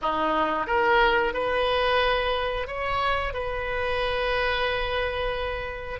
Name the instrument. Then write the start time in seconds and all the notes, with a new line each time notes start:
oboe
0.02 D#4
0.67 A#4
1.33 B4
2.67 C#5
3.33 B4